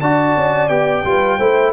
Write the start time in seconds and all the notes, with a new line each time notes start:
0.00 D4 F#4 D5 A5
0.36 C#4
0.68 B3 G4 G5
1.04 G3 F4 B4
1.38 A3 E4 C5